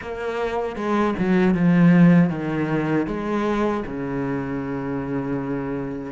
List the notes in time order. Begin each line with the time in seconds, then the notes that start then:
0.01 A#3
0.76 G#3
1.18 F#3
1.54 F3
2.29 D#3
3.06 G#3
3.86 C#3